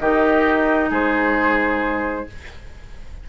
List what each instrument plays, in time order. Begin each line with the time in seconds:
0.00 bassoon D#3, clarinet D#4, oboe G4, flute D#5
0.90 bassoon G#3, oboe G#4, flute C5